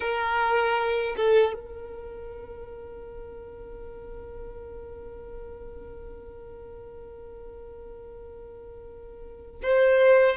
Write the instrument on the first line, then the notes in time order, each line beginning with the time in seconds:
violin
0.00 A#4
1.16 A4
1.53 A#4
9.62 C5